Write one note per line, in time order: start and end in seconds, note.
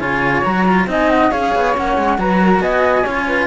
0.00 0.44 C#3
0.00 0.43 F4
0.00 0.87 C#5
0.00 0.44 G#5
0.44 0.87 F#3
0.44 0.66 F#4
0.44 0.88 A#5
0.67 0.88 F4
0.87 1.30 C4
0.87 1.31 D#4
0.87 1.31 D#5
0.87 1.10 G#5
1.10 1.32 F#5
1.31 1.55 C#4
1.31 1.75 G#4
1.31 2.18 C#5
1.31 1.75 F5
1.55 1.77 B3
1.75 1.97 A#3
1.75 2.18 C#4
1.75 2.19 F#5
1.97 2.18 G#3
2.18 2.60 F#3
2.18 3.05 F#4
2.18 2.42 B4
2.18 2.61 A#5
2.42 2.62 A#4
2.60 3.03 B3
2.60 3.04 D#5
2.60 3.47 G#5
3.04 3.47 C#4
3.04 3.47 F4
3.04 3.26 C#5
3.27 3.47 B4